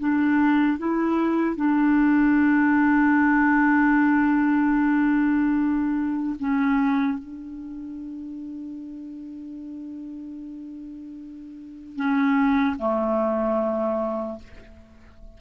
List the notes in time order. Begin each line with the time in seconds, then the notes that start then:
0.00 D4
0.79 E4
1.57 D4
6.40 C#4
7.19 D4
11.97 C#4
12.79 A3